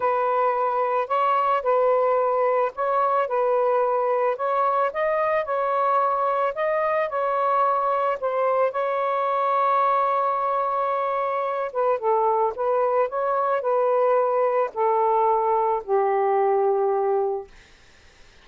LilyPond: \new Staff \with { instrumentName = "saxophone" } { \time 4/4 \tempo 4 = 110 b'2 cis''4 b'4~ | b'4 cis''4 b'2 | cis''4 dis''4 cis''2 | dis''4 cis''2 c''4 |
cis''1~ | cis''4. b'8 a'4 b'4 | cis''4 b'2 a'4~ | a'4 g'2. | }